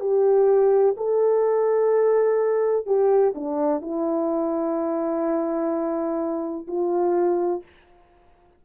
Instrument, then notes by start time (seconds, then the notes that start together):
horn
0.00 G4
0.97 A4
2.86 G4
3.35 D4
3.81 E4
6.67 F4